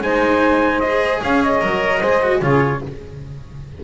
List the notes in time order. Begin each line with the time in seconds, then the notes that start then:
0.00 G#3 D#4 C5 G#5
0.80 G#4 D#5
1.21 C#4 C#5 F5
1.43 D#5
1.61 F#3 A#4
1.99 G#3 G#4 C5
2.22 F#4
2.41 C#3 F4 G#4 C#5